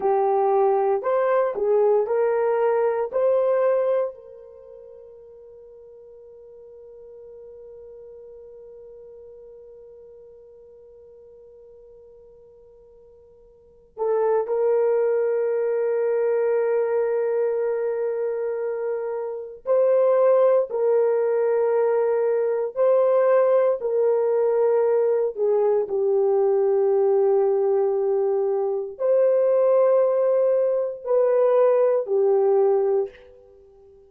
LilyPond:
\new Staff \with { instrumentName = "horn" } { \time 4/4 \tempo 4 = 58 g'4 c''8 gis'8 ais'4 c''4 | ais'1~ | ais'1~ | ais'4. a'8 ais'2~ |
ais'2. c''4 | ais'2 c''4 ais'4~ | ais'8 gis'8 g'2. | c''2 b'4 g'4 | }